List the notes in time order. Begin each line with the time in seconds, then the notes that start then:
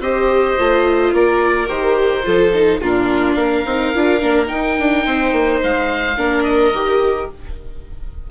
0.00 C4 G4 C5 D#5
0.58 A3 F4
1.13 A#3 A#4 D5
1.67 D#3 G4 C5
2.23 F3 F4 A4
2.54 D#4
2.81 A#2 D4 F4 A#4
3.35 A#3 A#4 F5
3.66 C4 D#4
3.95 D4 F4
4.20 A#3 D4
4.46 D#4 G5
4.79 D4
5.05 C4 C5
5.32 A#3
5.63 G#3 F5
6.17 A#3 D4 A#4
6.44 D#5
6.72 D#3 G4